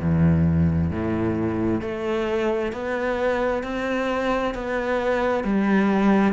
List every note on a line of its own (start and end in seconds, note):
0.00 0.91 E2
0.91 1.81 A2
1.81 2.72 A3
2.72 3.63 B3
3.63 4.54 C4
4.54 5.44 B3
5.44 6.33 G3